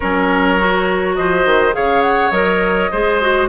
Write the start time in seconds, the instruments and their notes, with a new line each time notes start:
0.00 bassoon F#3, clarinet C#4, oboe A#4, flute C#5
0.58 clarinet F#4
1.15 bassoon F3, oboe C5, flute D#5
1.45 bassoon D#3
1.72 bassoon C#3, clarinet G#4, oboe C#5, flute F5
2.01 flute F#5
2.30 bassoon F#3, clarinet A#4, flute D#5
2.91 bassoon G#3, clarinet G#4, oboe C5
3.21 clarinet F#4